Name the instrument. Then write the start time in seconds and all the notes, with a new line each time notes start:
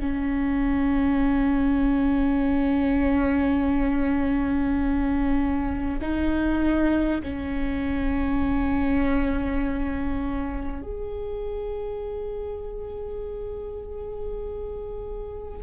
viola
0.00 C#4
6.02 D#4
7.23 C#4
10.83 G#4